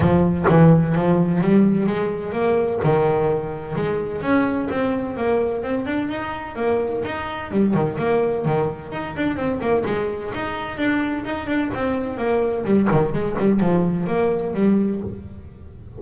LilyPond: \new Staff \with { instrumentName = "double bass" } { \time 4/4 \tempo 4 = 128 f4 e4 f4 g4 | gis4 ais4 dis2 | gis4 cis'4 c'4 ais4 | c'8 d'8 dis'4 ais4 dis'4 |
g8 dis8 ais4 dis4 dis'8 d'8 | c'8 ais8 gis4 dis'4 d'4 | dis'8 d'8 c'4 ais4 g8 dis8 | gis8 g8 f4 ais4 g4 | }